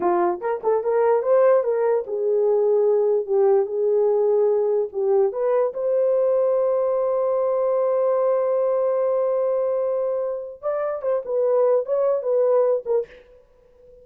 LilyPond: \new Staff \with { instrumentName = "horn" } { \time 4/4 \tempo 4 = 147 f'4 ais'8 a'8 ais'4 c''4 | ais'4 gis'2. | g'4 gis'2. | g'4 b'4 c''2~ |
c''1~ | c''1~ | c''2 d''4 c''8 b'8~ | b'4 cis''4 b'4. ais'8 | }